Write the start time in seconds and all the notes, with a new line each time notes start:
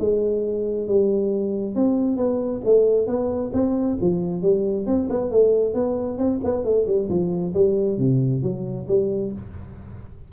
0.00 G#3
0.88 G3
1.76 C4
2.17 B3
2.65 A3
3.07 B3
3.54 C4
4.01 F3
4.42 G3
4.87 C4
5.10 B3
5.31 A3
5.75 B3
6.18 C4
6.44 B3
6.65 A3
6.87 G3
7.09 F3
7.54 G3
7.99 C3
8.43 F#3
8.88 G3